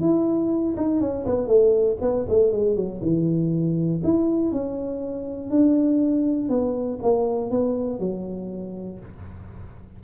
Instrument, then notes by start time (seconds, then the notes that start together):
tuba
0.00 E4
0.76 D#4
1.00 C#4
1.25 B3
1.47 A3
2.01 B3
2.29 A3
2.52 G#3
2.76 F#3
3.02 E3
4.03 E4
4.52 C#4
5.50 D4
6.49 B3
7.02 A#3
7.50 B3
7.99 F#3